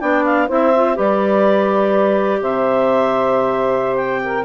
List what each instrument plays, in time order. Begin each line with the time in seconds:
0.00 bassoon B3, clarinet D4 G5, saxophone D5
0.25 clarinet F5
0.48 bassoon C4, clarinet E4 E5, saxophone C5
0.76 clarinet F4
0.96 bassoon G3, clarinet G4 D5, saxophone B4
2.42 bassoon C3, saxophone C5, clarinet E5
3.96 clarinet G5
4.24 saxophone A#4